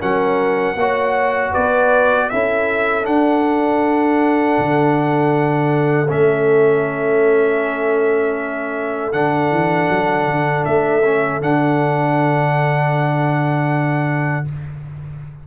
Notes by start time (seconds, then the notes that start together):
0.00 F#3 C#4 A#4 F#5
0.75 A#3 F#4 C#5
1.52 B3 B4 D5
2.29 C#4 E4 A4 E5
3.03 D4 F#5
4.59 D3
6.09 A3 C#4 E5
9.12 D3 D4 F#5
9.51 E3
9.90 F#3
10.27 D3
10.65 A3 E5
11.04 C#4
11.41 D3 D4 F#5